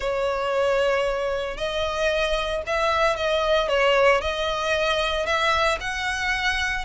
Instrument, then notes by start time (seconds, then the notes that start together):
violin
0.00 C#5
1.57 D#5
2.66 E5
3.16 D#5
3.68 C#5
4.21 D#5
5.26 E5
5.80 F#5